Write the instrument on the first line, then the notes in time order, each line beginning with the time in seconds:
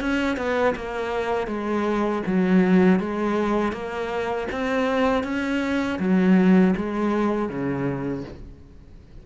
cello
0.00 C#4
0.36 B3
0.75 A#3
1.47 G#3
2.26 F#3
2.99 G#3
3.72 A#3
4.51 C4
5.23 C#4
5.99 F#3
6.76 G#3
7.49 C#3